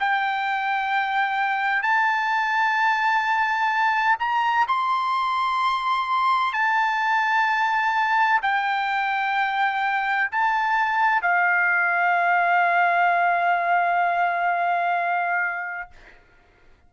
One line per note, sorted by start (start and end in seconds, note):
0.00 1.82 G5
1.82 4.17 A5
4.19 4.66 A#5
4.68 6.53 C6
6.53 8.40 A5
8.42 10.30 G5
10.31 11.22 A5
11.22 15.90 F5